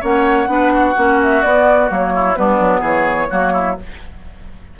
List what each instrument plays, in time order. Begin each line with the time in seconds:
0.00 bassoon A#3, clarinet C#4, oboe C#5, flute F#5
0.47 bassoon B3, clarinet D4, oboe B4
0.72 oboe F#4
0.97 bassoon A#3, clarinet C#4
1.22 flute E5
1.42 clarinet B3, bassoon B3, flute D5
1.87 bassoon F#3, clarinet A#3, flute C#5
2.14 oboe E4
2.35 bassoon G3, clarinet B3, oboe D4, flute B4
2.59 bassoon F#3
2.80 bassoon E3, oboe G#4, flute C#5
3.30 bassoon F#3, clarinet A#3, oboe F#4
3.52 oboe E4